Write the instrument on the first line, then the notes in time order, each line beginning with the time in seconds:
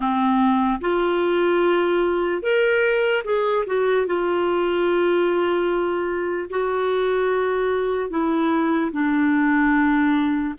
clarinet
0.00 C4
0.80 F4
2.42 A#4
3.24 G#4
3.66 F#4
4.06 F4
6.49 F#4
8.10 E4
8.92 D4